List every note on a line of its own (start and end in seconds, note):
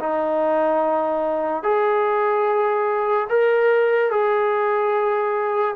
0.00 1.63 D#4
1.63 3.28 G#4
3.30 4.11 A#4
4.11 5.76 G#4